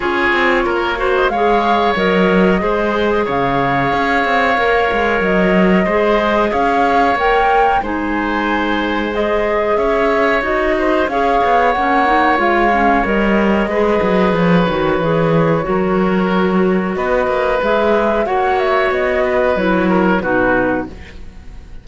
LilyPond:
<<
  \new Staff \with { instrumentName = "flute" } { \time 4/4 \tempo 4 = 92 cis''4.~ cis''16 dis''16 f''4 dis''4~ | dis''4 f''2. | dis''2 f''4 g''4 | gis''2 dis''4 e''4 |
dis''4 f''4 fis''4 f''4 | dis''2 cis''2~ | cis''2 dis''4 e''4 | fis''8 e''8 dis''4 cis''4 b'4 | }
  \new Staff \with { instrumentName = "oboe" } { \time 4/4 gis'4 ais'8 c''8 cis''2 | c''4 cis''2.~ | cis''4 c''4 cis''2 | c''2. cis''4~ |
cis''8 c''8 cis''2.~ | cis''4 b'2. | ais'2 b'2 | cis''4. b'4 ais'8 fis'4 | }
  \new Staff \with { instrumentName = "clarinet" } { \time 4/4 f'4. fis'8 gis'4 ais'4 | gis'2. ais'4~ | ais'4 gis'2 ais'4 | dis'2 gis'2 |
fis'4 gis'4 cis'8 dis'8 f'8 cis'8 | ais'4 gis'4. fis'8 gis'4 | fis'2. gis'4 | fis'2 e'4 dis'4 | }
  \new Staff \with { instrumentName = "cello" } { \time 4/4 cis'8 c'8 ais4 gis4 fis4 | gis4 cis4 cis'8 c'8 ais8 gis8 | fis4 gis4 cis'4 ais4 | gis2. cis'4 |
dis'4 cis'8 b8 ais4 gis4 | g4 gis8 fis8 f8 dis8 e4 | fis2 b8 ais8 gis4 | ais4 b4 fis4 b,4 | }
>>